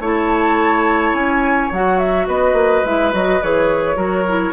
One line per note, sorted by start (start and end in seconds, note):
0.00 1.13 A3
0.00 1.71 E4
0.00 2.27 C#5
0.00 1.14 A5
1.13 1.69 C#4
1.13 1.71 G#5
1.71 2.27 F#3
1.71 2.86 F#4
1.71 1.98 F#5
1.98 2.27 E5
2.27 2.53 B3
2.27 3.96 B4
2.27 2.84 D#5
2.53 2.81 A#3
2.84 3.13 G#3
2.84 3.12 E4
2.84 3.13 E5
3.12 3.41 F#3
3.12 3.40 F#4
3.12 3.42 D#5
3.42 3.96 E3
3.42 3.96 G#4
3.42 4.52 C#5
3.96 4.52 F#3
3.96 4.24 F#4
3.96 4.52 A#4
4.27 4.52 E4